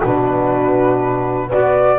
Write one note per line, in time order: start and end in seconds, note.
0.00 1.52 B2
0.00 1.49 D4
0.00 1.47 F#4
0.00 1.51 B4
1.47 1.98 F#4
1.47 1.96 B4
1.47 1.99 D5
1.55 1.99 B3